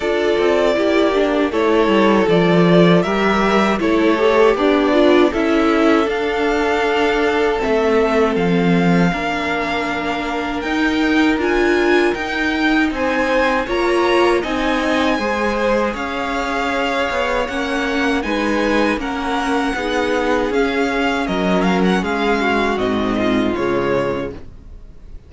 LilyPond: <<
  \new Staff \with { instrumentName = "violin" } { \time 4/4 \tempo 4 = 79 d''2 cis''4 d''4 | e''4 cis''4 d''4 e''4 | f''2 e''4 f''4~ | f''2 g''4 gis''4 |
g''4 gis''4 ais''4 gis''4~ | gis''4 f''2 fis''4 | gis''4 fis''2 f''4 | dis''8 f''16 fis''16 f''4 dis''4 cis''4 | }
  \new Staff \with { instrumentName = "violin" } { \time 4/4 a'4 g'4 a'2 | ais'4 a'4 d'4 a'4~ | a'1 | ais'1~ |
ais'4 c''4 cis''4 dis''4 | c''4 cis''2. | b'4 ais'4 gis'2 | ais'4 gis'8 fis'4 f'4. | }
  \new Staff \with { instrumentName = "viola" } { \time 4/4 f'4 e'8 d'8 e'4 f'4 | g'4 e'8 g'4 f'8 e'4 | d'2 c'2 | d'2 dis'4 f'4 |
dis'2 f'4 dis'4 | gis'2. cis'4 | dis'4 cis'4 dis'4 cis'4~ | cis'2 c'4 gis4 | }
  \new Staff \with { instrumentName = "cello" } { \time 4/4 d'8 c'8 ais4 a8 g8 f4 | g4 a4 b4 cis'4 | d'2 a4 f4 | ais2 dis'4 d'4 |
dis'4 c'4 ais4 c'4 | gis4 cis'4. b8 ais4 | gis4 ais4 b4 cis'4 | fis4 gis4 gis,4 cis4 | }
>>